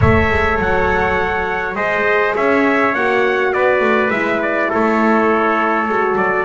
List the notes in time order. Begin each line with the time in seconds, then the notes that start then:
0.00 A3 A4 C#5 E5
0.29 G#3
0.58 F#3 F#5
1.74 G#3 G#4 C5 D#5
2.35 C#4 C#5 E5
2.94 A#3 F#4 F#5
3.52 B3 B4 D5
3.80 A3
4.10 G#3 E4 E5
4.41 D5
4.69 A3 A4 C#5
5.88 G#3 F#4
6.15 F#3 D5